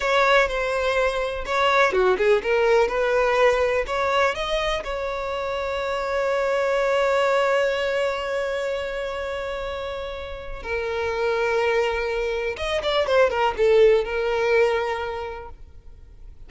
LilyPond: \new Staff \with { instrumentName = "violin" } { \time 4/4 \tempo 4 = 124 cis''4 c''2 cis''4 | fis'8 gis'8 ais'4 b'2 | cis''4 dis''4 cis''2~ | cis''1~ |
cis''1~ | cis''2 ais'2~ | ais'2 dis''8 d''8 c''8 ais'8 | a'4 ais'2. | }